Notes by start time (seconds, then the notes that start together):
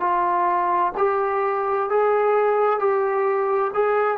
0.00 F4
0.97 G4
1.89 G#4
2.79 G4
3.74 G#4